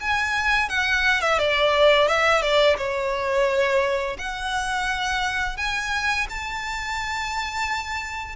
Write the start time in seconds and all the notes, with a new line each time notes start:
0.00 G#5
0.69 F#5
1.21 E5
1.38 D5
2.07 E5
2.41 D5
2.77 C#5
4.18 F#5
5.57 G#5
6.29 A5